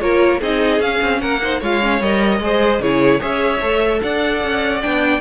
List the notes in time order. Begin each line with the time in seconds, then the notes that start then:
0.00 A#3 F4 A#4 C#5
0.39 C4 D#4 G#4 D#5
0.79 C#4 F5
1.02 C4
1.21 A#3 A#4 F#5
1.42 D#4 C5
1.60 G#3 F4 C#5 F5
1.82 C#4
2.00 G3 A#4 D#5
2.40 G#3 G#4 C5
2.79 C#3 E4 G#4 C#5
3.20 C#4 G#4 C#5 E5
3.61 A3 A4
4.02 D4 D5 F#5
4.43 C#4
4.81 B3 D4 G5